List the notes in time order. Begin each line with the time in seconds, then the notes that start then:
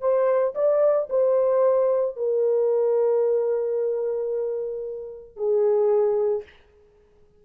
0.00 C5
0.55 D5
1.09 C5
2.16 A#4
5.36 G#4